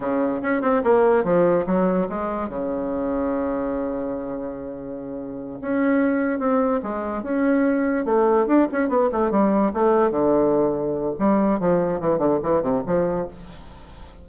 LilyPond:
\new Staff \with { instrumentName = "bassoon" } { \time 4/4 \tempo 4 = 145 cis4 cis'8 c'8 ais4 f4 | fis4 gis4 cis2~ | cis1~ | cis4. cis'2 c'8~ |
c'8 gis4 cis'2 a8~ | a8 d'8 cis'8 b8 a8 g4 a8~ | a8 d2~ d8 g4 | f4 e8 d8 e8 c8 f4 | }